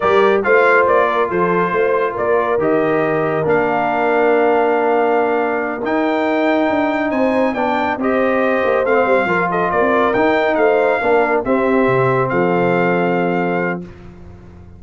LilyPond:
<<
  \new Staff \with { instrumentName = "trumpet" } { \time 4/4 \tempo 4 = 139 d''4 f''4 d''4 c''4~ | c''4 d''4 dis''2 | f''1~ | f''4. g''2~ g''8~ |
g''8 gis''4 g''4 dis''4.~ | dis''8 f''4. dis''8 d''4 g''8~ | g''8 f''2 e''4.~ | e''8 f''2.~ f''8 | }
  \new Staff \with { instrumentName = "horn" } { \time 4/4 ais'4 c''4. ais'8 a'4 | c''4 ais'2.~ | ais'1~ | ais'1~ |
ais'8 c''4 d''4 c''4.~ | c''4. ais'8 a'8 ais'4.~ | ais'8 c''4 ais'4 g'4.~ | g'8 a'2.~ a'8 | }
  \new Staff \with { instrumentName = "trombone" } { \time 4/4 g'4 f'2.~ | f'2 g'2 | d'1~ | d'4. dis'2~ dis'8~ |
dis'4. d'4 g'4.~ | g'8 c'4 f'2 dis'8~ | dis'4. d'4 c'4.~ | c'1 | }
  \new Staff \with { instrumentName = "tuba" } { \time 4/4 g4 a4 ais4 f4 | a4 ais4 dis2 | ais1~ | ais4. dis'2 d'8~ |
d'8 c'4 b4 c'4. | ais8 a8 g8 f4 ais16 c'8. dis'8~ | dis'8 a4 ais4 c'4 c8~ | c8 f2.~ f8 | }
>>